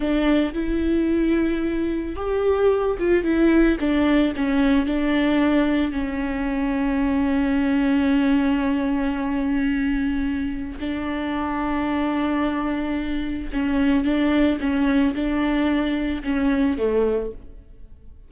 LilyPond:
\new Staff \with { instrumentName = "viola" } { \time 4/4 \tempo 4 = 111 d'4 e'2. | g'4. f'8 e'4 d'4 | cis'4 d'2 cis'4~ | cis'1~ |
cis'1 | d'1~ | d'4 cis'4 d'4 cis'4 | d'2 cis'4 a4 | }